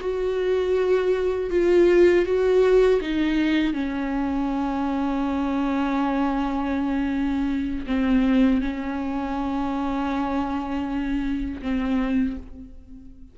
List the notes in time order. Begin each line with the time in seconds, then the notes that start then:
0.00 F#4
1.50 F4
2.25 F#4
3.01 D#4
3.73 C#4
7.86 C4
8.61 C#4
11.61 C4